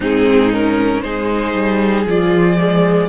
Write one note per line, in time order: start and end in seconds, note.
0.00 1.02 G#2
0.00 0.52 C4
0.00 1.02 D#4
0.00 0.53 G#4
0.52 1.04 C#4
0.52 1.01 A#4
1.01 1.53 G#3
1.01 2.07 D#4
1.01 3.08 G#4
1.01 2.04 C5
1.53 2.05 G3
2.05 3.08 F3
2.05 2.57 F4
2.05 3.08 D5
2.57 3.08 G#3